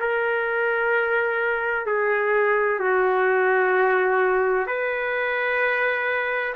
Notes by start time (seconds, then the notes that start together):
0.00 A#4
1.86 G#4
2.80 F#4
4.67 B4